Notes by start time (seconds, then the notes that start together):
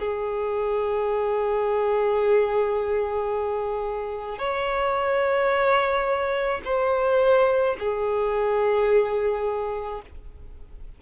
0.00 G#4
4.39 C#5
6.65 C5
7.80 G#4